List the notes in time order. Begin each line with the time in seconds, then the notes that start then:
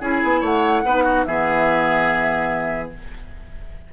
0.00 C#4 E4 G#4 G#5
0.23 B3
0.40 A3 C#5 F#5
0.84 B3 D#4 B4
1.04 F#4
1.24 E3 B3 G#4 E5